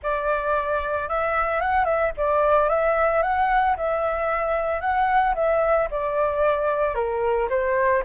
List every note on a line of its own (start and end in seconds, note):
0.02 1.09 D5
1.09 1.60 E5
1.60 1.85 F#5
1.85 2.11 E5
2.17 2.69 D5
2.69 3.22 E5
3.22 3.75 F#5
3.76 4.80 E5
4.80 5.34 F#5
5.34 5.88 E5
5.90 6.94 D5
6.94 7.48 A#4
7.49 8.03 C5